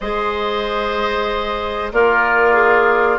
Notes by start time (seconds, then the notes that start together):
0.00 G#3 G#4 C5 D#5
1.92 A#3 F4 A#4 D5
2.54 G#4